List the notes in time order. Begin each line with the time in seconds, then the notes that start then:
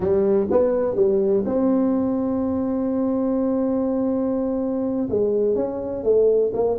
0.00 G3
0.51 B3
0.95 G3
1.45 C4
5.09 G#3
5.55 C#4
6.03 A3
6.53 A#3